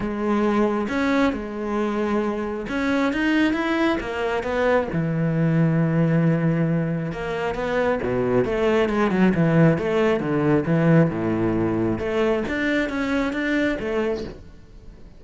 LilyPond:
\new Staff \with { instrumentName = "cello" } { \time 4/4 \tempo 4 = 135 gis2 cis'4 gis4~ | gis2 cis'4 dis'4 | e'4 ais4 b4 e4~ | e1 |
ais4 b4 b,4 a4 | gis8 fis8 e4 a4 d4 | e4 a,2 a4 | d'4 cis'4 d'4 a4 | }